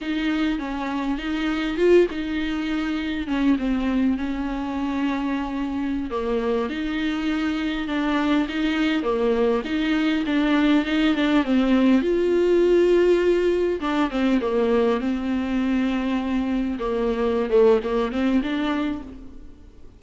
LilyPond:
\new Staff \with { instrumentName = "viola" } { \time 4/4 \tempo 4 = 101 dis'4 cis'4 dis'4 f'8 dis'8~ | dis'4. cis'8 c'4 cis'4~ | cis'2~ cis'16 ais4 dis'8.~ | dis'4~ dis'16 d'4 dis'4 ais8.~ |
ais16 dis'4 d'4 dis'8 d'8 c'8.~ | c'16 f'2. d'8 c'16~ | c'16 ais4 c'2~ c'8.~ | c'16 ais4~ ais16 a8 ais8 c'8 d'4 | }